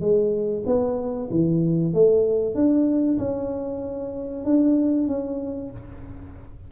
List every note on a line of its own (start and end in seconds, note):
0.00 0.63 G#3
0.66 1.29 B3
1.30 1.93 E3
1.93 2.55 A3
2.55 3.18 D4
3.18 4.44 C#4
4.44 5.08 D4
5.08 5.71 C#4